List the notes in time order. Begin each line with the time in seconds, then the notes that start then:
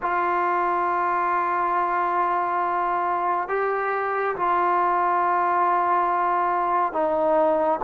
0.02 F4
3.48 G4
4.36 F4
6.92 D#4